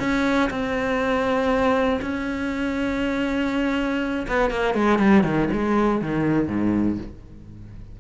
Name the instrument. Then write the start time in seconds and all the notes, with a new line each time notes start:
cello
0.00 C#4
0.50 C4
2.02 C#4
4.28 B3
4.51 A#3
4.75 G#3
4.99 G3
5.24 D#3
5.53 G#3
6.02 D#3
6.48 G#2